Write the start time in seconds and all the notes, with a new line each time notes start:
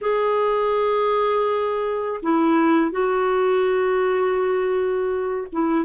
0.01 G#4
2.22 E4
2.91 F#4
5.52 E4